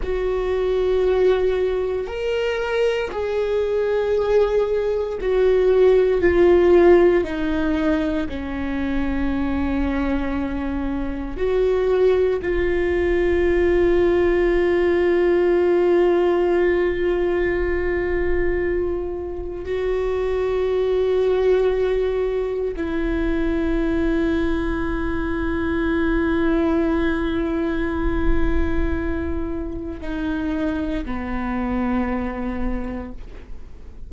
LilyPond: \new Staff \with { instrumentName = "viola" } { \time 4/4 \tempo 4 = 58 fis'2 ais'4 gis'4~ | gis'4 fis'4 f'4 dis'4 | cis'2. fis'4 | f'1~ |
f'2. fis'4~ | fis'2 e'2~ | e'1~ | e'4 dis'4 b2 | }